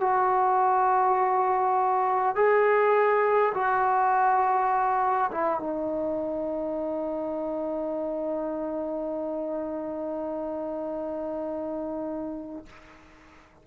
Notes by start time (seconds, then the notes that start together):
0.00 F#4
2.35 G#4
3.54 F#4
5.31 E4
5.59 D#4